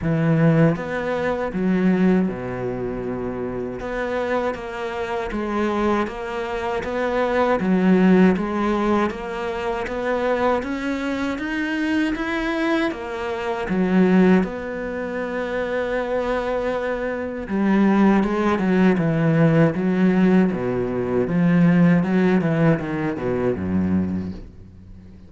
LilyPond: \new Staff \with { instrumentName = "cello" } { \time 4/4 \tempo 4 = 79 e4 b4 fis4 b,4~ | b,4 b4 ais4 gis4 | ais4 b4 fis4 gis4 | ais4 b4 cis'4 dis'4 |
e'4 ais4 fis4 b4~ | b2. g4 | gis8 fis8 e4 fis4 b,4 | f4 fis8 e8 dis8 b,8 fis,4 | }